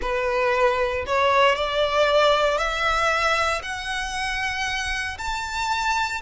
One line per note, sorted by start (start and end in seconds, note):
0.01 1.05 B4
1.06 1.55 C#5
1.55 2.58 D5
2.58 3.61 E5
3.62 5.17 F#5
5.17 6.21 A5